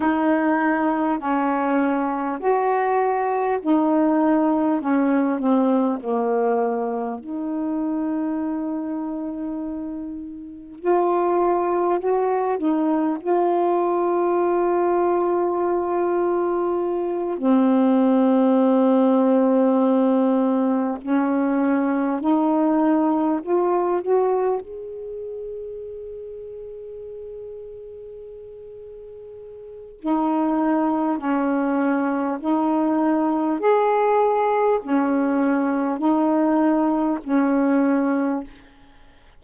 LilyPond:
\new Staff \with { instrumentName = "saxophone" } { \time 4/4 \tempo 4 = 50 dis'4 cis'4 fis'4 dis'4 | cis'8 c'8 ais4 dis'2~ | dis'4 f'4 fis'8 dis'8 f'4~ | f'2~ f'8 c'4.~ |
c'4. cis'4 dis'4 f'8 | fis'8 gis'2.~ gis'8~ | gis'4 dis'4 cis'4 dis'4 | gis'4 cis'4 dis'4 cis'4 | }